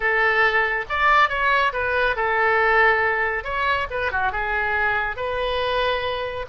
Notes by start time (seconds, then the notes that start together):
0.00 A4
0.89 D5
1.29 C#5
1.72 B4
2.16 A4
3.44 C#5
3.90 B4
4.11 F#4
4.31 G#4
5.16 B4